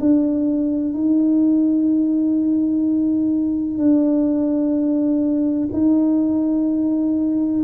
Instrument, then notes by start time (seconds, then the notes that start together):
tuba
0.00 D4
0.94 D#4
3.78 D4
5.73 D#4